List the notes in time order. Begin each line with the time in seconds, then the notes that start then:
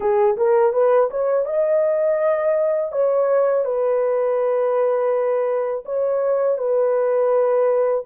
0.00 G#4
0.36 A#4
0.73 B4
1.10 C#5
1.45 D#5
2.92 C#5
3.65 B4
5.85 C#5
6.58 B4